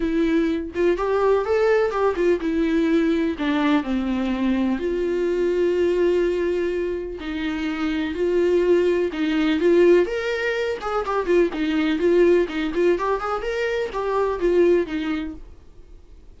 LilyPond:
\new Staff \with { instrumentName = "viola" } { \time 4/4 \tempo 4 = 125 e'4. f'8 g'4 a'4 | g'8 f'8 e'2 d'4 | c'2 f'2~ | f'2. dis'4~ |
dis'4 f'2 dis'4 | f'4 ais'4. gis'8 g'8 f'8 | dis'4 f'4 dis'8 f'8 g'8 gis'8 | ais'4 g'4 f'4 dis'4 | }